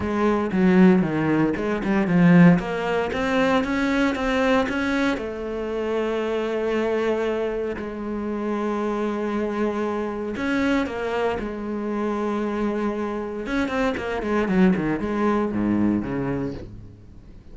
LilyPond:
\new Staff \with { instrumentName = "cello" } { \time 4/4 \tempo 4 = 116 gis4 fis4 dis4 gis8 g8 | f4 ais4 c'4 cis'4 | c'4 cis'4 a2~ | a2. gis4~ |
gis1 | cis'4 ais4 gis2~ | gis2 cis'8 c'8 ais8 gis8 | fis8 dis8 gis4 gis,4 cis4 | }